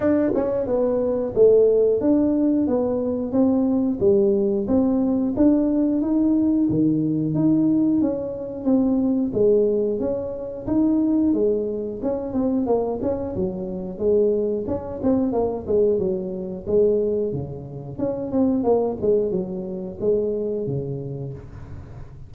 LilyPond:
\new Staff \with { instrumentName = "tuba" } { \time 4/4 \tempo 4 = 90 d'8 cis'8 b4 a4 d'4 | b4 c'4 g4 c'4 | d'4 dis'4 dis4 dis'4 | cis'4 c'4 gis4 cis'4 |
dis'4 gis4 cis'8 c'8 ais8 cis'8 | fis4 gis4 cis'8 c'8 ais8 gis8 | fis4 gis4 cis4 cis'8 c'8 | ais8 gis8 fis4 gis4 cis4 | }